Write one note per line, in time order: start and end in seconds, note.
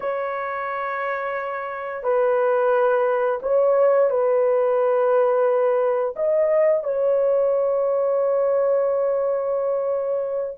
0.00 2.03 C#5
2.03 3.39 B4
3.42 4.09 C#5
4.09 6.14 B4
6.15 6.83 D#5
6.83 10.57 C#5